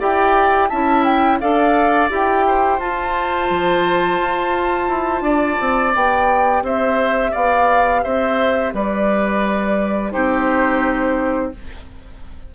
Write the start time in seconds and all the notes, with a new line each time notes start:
0.00 E4 G4 D5 G5
0.69 C#4 E4 E5 A5
1.04 G5
1.40 D4 A4 D5 F5
2.10 E4 G4 G5
2.48 C5
2.79 F4 A5
3.50 F3
4.20 F4
4.89 E4
5.21 D4 D5
5.60 C4
5.93 B3 G4 G5
6.62 C4 C5 E5
7.32 B3 D5 F5
8.03 C4 C5 E5
8.74 G3 B4 D5
10.11 C4 D#4 G4 C5